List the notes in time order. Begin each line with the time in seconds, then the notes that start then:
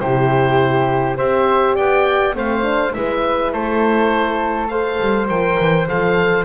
0.00 C3 E4 G4 C5
1.17 C4 G4 C5 E5
1.75 B3 D5 G5
2.34 A3 C4 C5 F5
2.62 D4
2.93 G#3 E4 B4 E5
3.53 A3 A4 C5
4.68 A4 C5 F5
5.00 G3
5.28 F3 A#4 G5
5.60 E3
5.88 F3 A4 F5